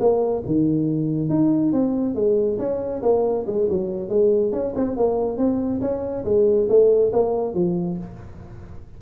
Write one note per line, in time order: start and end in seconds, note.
0.00 0.43 A#3
0.46 1.29 D#3
1.29 1.72 D#4
1.73 2.15 C4
2.15 2.58 G#3
2.59 3.02 C#4
3.02 3.46 A#3
3.47 3.68 G#3
3.69 4.09 F#3
4.09 4.52 G#3
4.52 4.74 C#4
4.75 4.97 C4
4.97 5.38 A#3
5.38 5.81 C4
5.81 6.24 C#4
6.25 6.68 G#3
6.69 7.12 A3
7.13 7.54 A#3
7.54 7.98 F3